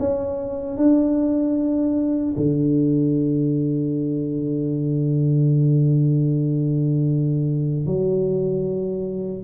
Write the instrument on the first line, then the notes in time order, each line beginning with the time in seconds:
tuba
0.00 C#4
0.78 D4
2.37 D3
7.87 F#3